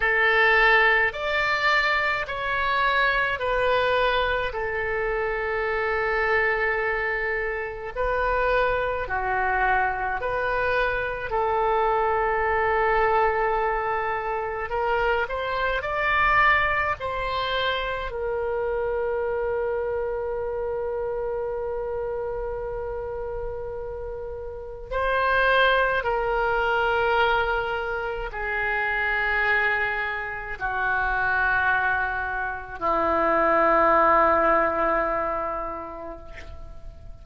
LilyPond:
\new Staff \with { instrumentName = "oboe" } { \time 4/4 \tempo 4 = 53 a'4 d''4 cis''4 b'4 | a'2. b'4 | fis'4 b'4 a'2~ | a'4 ais'8 c''8 d''4 c''4 |
ais'1~ | ais'2 c''4 ais'4~ | ais'4 gis'2 fis'4~ | fis'4 e'2. | }